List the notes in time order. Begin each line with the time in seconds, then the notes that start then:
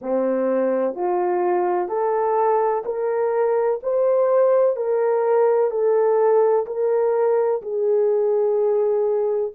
0.01 C4
0.94 F4
1.88 A4
2.85 A#4
3.82 C5
4.76 A#4
5.70 A4
6.66 A#4
7.61 G#4